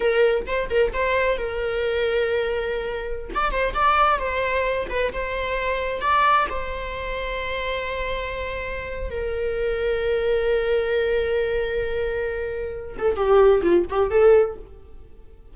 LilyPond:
\new Staff \with { instrumentName = "viola" } { \time 4/4 \tempo 4 = 132 ais'4 c''8 ais'8 c''4 ais'4~ | ais'2.~ ais'16 d''8 c''16~ | c''16 d''4 c''4. b'8 c''8.~ | c''4~ c''16 d''4 c''4.~ c''16~ |
c''1 | ais'1~ | ais'1~ | ais'8 a'8 g'4 f'8 g'8 a'4 | }